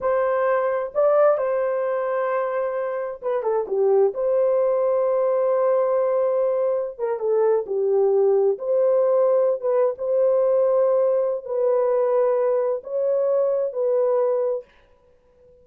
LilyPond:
\new Staff \with { instrumentName = "horn" } { \time 4/4 \tempo 4 = 131 c''2 d''4 c''4~ | c''2. b'8 a'8 | g'4 c''2.~ | c''2.~ c''16 ais'8 a'16~ |
a'8. g'2 c''4~ c''16~ | c''4 b'8. c''2~ c''16~ | c''4 b'2. | cis''2 b'2 | }